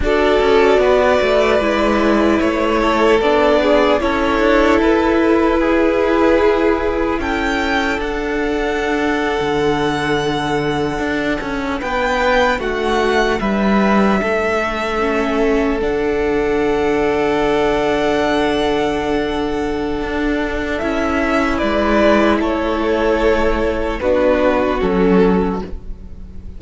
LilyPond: <<
  \new Staff \with { instrumentName = "violin" } { \time 4/4 \tempo 4 = 75 d''2. cis''4 | d''4 cis''4 b'2~ | b'4 g''4 fis''2~ | fis''2~ fis''8. g''4 fis''16~ |
fis''8. e''2. fis''16~ | fis''1~ | fis''2 e''4 d''4 | cis''2 b'4 a'4 | }
  \new Staff \with { instrumentName = "violin" } { \time 4/4 a'4 b'2~ b'8 a'8~ | a'8 gis'8 a'2 gis'4~ | gis'4 a'2.~ | a'2~ a'8. b'4 fis'16~ |
fis'8. b'4 a'2~ a'16~ | a'1~ | a'2. b'4 | a'2 fis'2 | }
  \new Staff \with { instrumentName = "viola" } { \time 4/4 fis'2 e'2 | d'4 e'2.~ | e'2 d'2~ | d'1~ |
d'2~ d'8. cis'4 d'16~ | d'1~ | d'2 e'2~ | e'2 d'4 cis'4 | }
  \new Staff \with { instrumentName = "cello" } { \time 4/4 d'8 cis'8 b8 a8 gis4 a4 | b4 cis'8 d'8 e'2~ | e'4 cis'4 d'4.~ d'16 d16~ | d4.~ d16 d'8 cis'8 b4 a16~ |
a8. g4 a2 d16~ | d1~ | d4 d'4 cis'4 gis4 | a2 b4 fis4 | }
>>